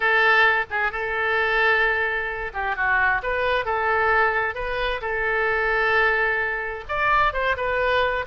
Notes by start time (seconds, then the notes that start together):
0.00 A4
0.70 G#4
0.91 A4
2.53 G4
2.76 F#4
3.22 B4
3.65 A4
4.54 B4
5.01 A4
6.88 D5
7.33 C5
7.56 B4